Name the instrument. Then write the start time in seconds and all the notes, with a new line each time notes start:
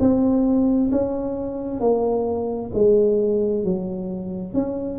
tuba
0.00 C4
0.91 C#4
1.80 A#3
2.74 G#3
3.64 F#3
4.54 C#4